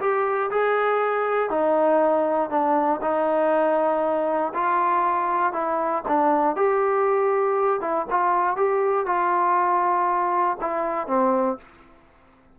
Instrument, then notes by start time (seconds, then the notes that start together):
trombone
0.00 G4
0.50 G#4
1.50 D#4
2.50 D4
3.01 D#4
4.54 F4
5.53 E4
6.08 D4
6.56 G4
7.80 E4
8.10 F4
8.56 G4
9.06 F4
10.61 E4
11.07 C4